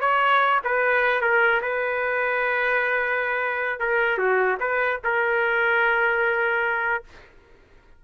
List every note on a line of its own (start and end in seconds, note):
0.00 0.60 C#5
0.64 1.21 B4
1.21 1.61 A#4
1.61 3.79 B4
3.79 4.18 A#4
4.18 4.58 F#4
4.60 5.00 B4
5.04 7.04 A#4